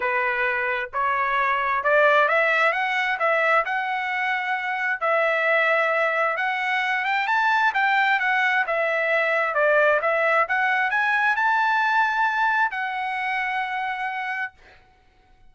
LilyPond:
\new Staff \with { instrumentName = "trumpet" } { \time 4/4 \tempo 4 = 132 b'2 cis''2 | d''4 e''4 fis''4 e''4 | fis''2. e''4~ | e''2 fis''4. g''8 |
a''4 g''4 fis''4 e''4~ | e''4 d''4 e''4 fis''4 | gis''4 a''2. | fis''1 | }